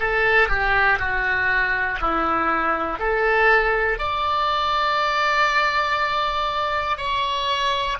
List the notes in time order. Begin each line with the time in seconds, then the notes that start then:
0.00 A4
0.49 G4
0.99 F#4
2.01 E4
2.99 A4
3.99 D5
6.97 C#5